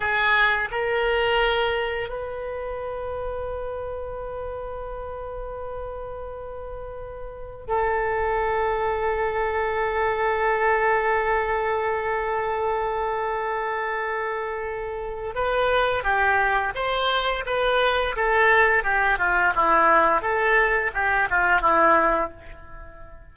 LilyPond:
\new Staff \with { instrumentName = "oboe" } { \time 4/4 \tempo 4 = 86 gis'4 ais'2 b'4~ | b'1~ | b'2. a'4~ | a'1~ |
a'1~ | a'2 b'4 g'4 | c''4 b'4 a'4 g'8 f'8 | e'4 a'4 g'8 f'8 e'4 | }